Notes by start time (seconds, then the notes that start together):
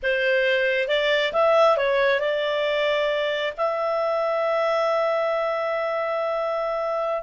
0.02 C5
0.88 D5
1.32 E5
1.77 C#5
2.20 D5
3.57 E5